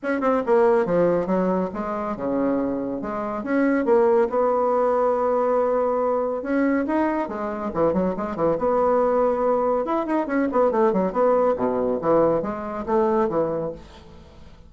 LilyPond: \new Staff \with { instrumentName = "bassoon" } { \time 4/4 \tempo 4 = 140 cis'8 c'8 ais4 f4 fis4 | gis4 cis2 gis4 | cis'4 ais4 b2~ | b2. cis'4 |
dis'4 gis4 e8 fis8 gis8 e8 | b2. e'8 dis'8 | cis'8 b8 a8 fis8 b4 b,4 | e4 gis4 a4 e4 | }